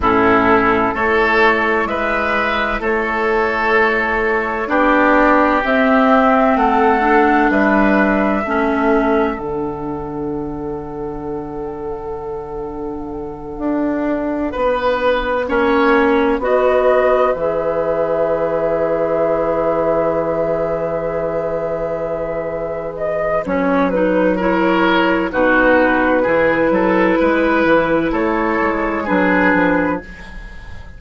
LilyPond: <<
  \new Staff \with { instrumentName = "flute" } { \time 4/4 \tempo 4 = 64 a'4 cis''4 e''4 cis''4~ | cis''4 d''4 e''4 fis''4 | e''2 fis''2~ | fis''1~ |
fis''4. dis''4 e''4.~ | e''1~ | e''8 dis''8 cis''8 b'8 cis''4 b'4~ | b'2 cis''4 b'4 | }
  \new Staff \with { instrumentName = "oboe" } { \time 4/4 e'4 a'4 b'4 a'4~ | a'4 g'2 a'4 | b'4 a'2.~ | a'2.~ a'8 b'8~ |
b'8 cis''4 b'2~ b'8~ | b'1~ | b'2 ais'4 fis'4 | gis'8 a'8 b'4 a'4 gis'4 | }
  \new Staff \with { instrumentName = "clarinet" } { \time 4/4 cis'4 e'2.~ | e'4 d'4 c'4. d'8~ | d'4 cis'4 d'2~ | d'1~ |
d'8 cis'4 fis'4 gis'4.~ | gis'1~ | gis'4 cis'8 dis'8 e'4 dis'4 | e'2. d'4 | }
  \new Staff \with { instrumentName = "bassoon" } { \time 4/4 a,4 a4 gis4 a4~ | a4 b4 c'4 a4 | g4 a4 d2~ | d2~ d8 d'4 b8~ |
b8 ais4 b4 e4.~ | e1~ | e4 fis2 b,4 | e8 fis8 gis8 e8 a8 gis8 fis8 f8 | }
>>